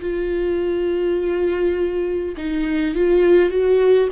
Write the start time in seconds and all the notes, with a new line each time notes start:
0.00 F4
2.36 D#4
2.95 F4
3.49 F#4